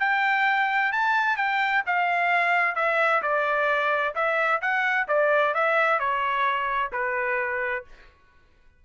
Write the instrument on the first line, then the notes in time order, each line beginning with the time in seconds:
trumpet
0.00 G5
0.93 A5
1.37 G5
1.87 F5
2.76 E5
3.23 D5
4.15 E5
4.62 F#5
5.08 D5
5.54 E5
6.00 C#5
6.92 B4